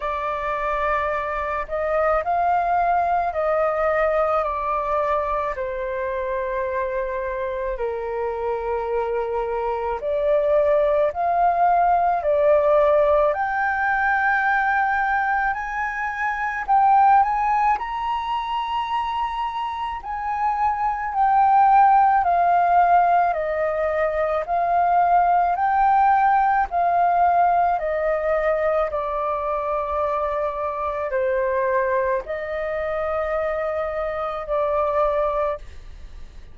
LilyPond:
\new Staff \with { instrumentName = "flute" } { \time 4/4 \tempo 4 = 54 d''4. dis''8 f''4 dis''4 | d''4 c''2 ais'4~ | ais'4 d''4 f''4 d''4 | g''2 gis''4 g''8 gis''8 |
ais''2 gis''4 g''4 | f''4 dis''4 f''4 g''4 | f''4 dis''4 d''2 | c''4 dis''2 d''4 | }